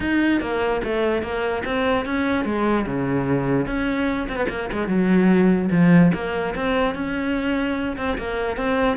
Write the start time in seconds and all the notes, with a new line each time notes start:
0.00 D#4
0.40 A#3
0.83 A3
1.22 A#3
1.64 C4
2.05 C#4
2.45 G#3
2.86 C#3
3.66 C#4
4.28 C4
4.36 B3
4.49 A#3
4.72 G#3
4.87 F#3
5.71 F3
6.14 A#3
6.55 C4
6.94 C#4
7.97 C4
8.18 A#3
8.56 C4